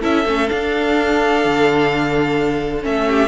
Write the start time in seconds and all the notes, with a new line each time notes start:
0.00 C#4 E4 A4 E5
0.25 A3 C#4
0.48 D4 F5
1.45 D3
2.82 A3 C#4 E5
3.08 G4